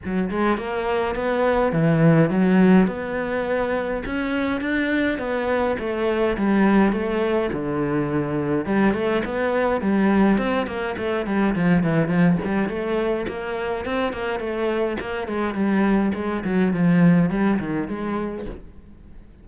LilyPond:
\new Staff \with { instrumentName = "cello" } { \time 4/4 \tempo 4 = 104 fis8 gis8 ais4 b4 e4 | fis4 b2 cis'4 | d'4 b4 a4 g4 | a4 d2 g8 a8 |
b4 g4 c'8 ais8 a8 g8 | f8 e8 f8 g8 a4 ais4 | c'8 ais8 a4 ais8 gis8 g4 | gis8 fis8 f4 g8 dis8 gis4 | }